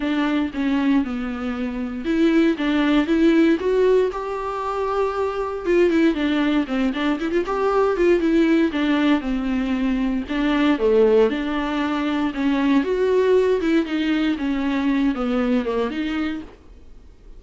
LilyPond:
\new Staff \with { instrumentName = "viola" } { \time 4/4 \tempo 4 = 117 d'4 cis'4 b2 | e'4 d'4 e'4 fis'4 | g'2. f'8 e'8 | d'4 c'8 d'8 e'16 f'16 g'4 f'8 |
e'4 d'4 c'2 | d'4 a4 d'2 | cis'4 fis'4. e'8 dis'4 | cis'4. b4 ais8 dis'4 | }